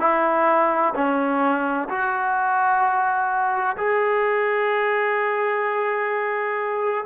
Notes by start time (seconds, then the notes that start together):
0.00 E4
0.95 C#4
1.89 F#4
3.77 G#4